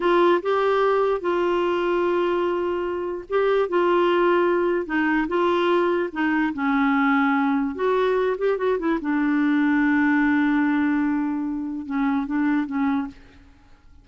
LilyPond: \new Staff \with { instrumentName = "clarinet" } { \time 4/4 \tempo 4 = 147 f'4 g'2 f'4~ | f'1 | g'4 f'2. | dis'4 f'2 dis'4 |
cis'2. fis'4~ | fis'8 g'8 fis'8 e'8 d'2~ | d'1~ | d'4 cis'4 d'4 cis'4 | }